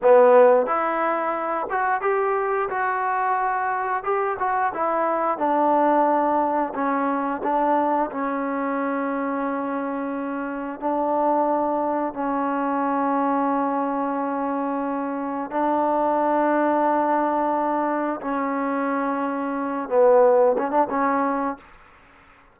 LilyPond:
\new Staff \with { instrumentName = "trombone" } { \time 4/4 \tempo 4 = 89 b4 e'4. fis'8 g'4 | fis'2 g'8 fis'8 e'4 | d'2 cis'4 d'4 | cis'1 |
d'2 cis'2~ | cis'2. d'4~ | d'2. cis'4~ | cis'4. b4 cis'16 d'16 cis'4 | }